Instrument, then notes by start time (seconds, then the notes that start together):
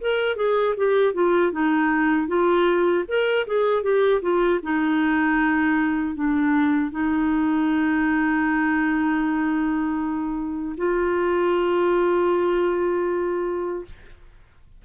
clarinet
0.00 A#4
0.36 G#4
0.76 G4
1.13 F4
1.52 D#4
2.27 F4
3.08 A#4
3.47 G#4
3.82 G4
4.21 F4
4.63 D#4
6.14 D4
6.91 D#4
10.77 F4